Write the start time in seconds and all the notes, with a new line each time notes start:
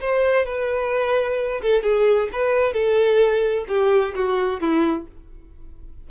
0.00 C5
0.46 B4
1.62 A4
1.83 G#4
2.32 B4
2.73 A4
3.68 G4
4.14 F#4
4.60 E4